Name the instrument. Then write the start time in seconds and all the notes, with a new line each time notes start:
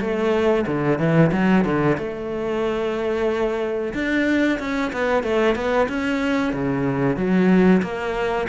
cello
0.00 A3
0.67 D3
0.98 E3
1.32 F#3
1.65 D3
1.97 A3
3.94 D4
4.59 C#4
4.92 B3
5.23 A3
5.55 B3
5.88 C#4
6.53 C#3
7.17 F#3
7.82 A#3